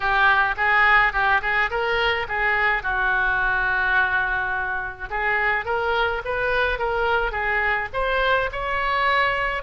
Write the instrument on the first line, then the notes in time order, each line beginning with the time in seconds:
oboe
0.00 G4
0.56 G#4
1.12 G4
1.41 G#4
1.70 A#4
2.28 G#4
2.83 F#4
5.09 G#4
5.65 A#4
6.24 B4
6.78 A#4
7.31 G#4
7.93 C5
8.51 C#5